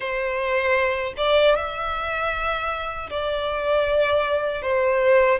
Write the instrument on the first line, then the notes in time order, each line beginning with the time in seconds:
violin
0.00 C5
1.17 D5
1.55 E5
3.10 D5
4.62 C5